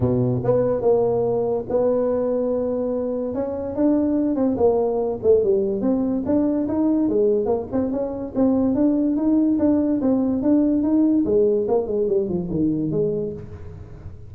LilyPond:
\new Staff \with { instrumentName = "tuba" } { \time 4/4 \tempo 4 = 144 b,4 b4 ais2 | b1 | cis'4 d'4. c'8 ais4~ | ais8 a8 g4 c'4 d'4 |
dis'4 gis4 ais8 c'8 cis'4 | c'4 d'4 dis'4 d'4 | c'4 d'4 dis'4 gis4 | ais8 gis8 g8 f8 dis4 gis4 | }